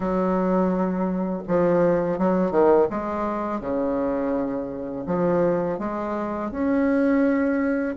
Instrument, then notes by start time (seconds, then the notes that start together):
bassoon
0.00 F#3
1.47 F3
2.18 F#3
2.51 D#3
2.89 G#3
3.60 C#3
5.06 F3
5.78 G#3
6.51 C#4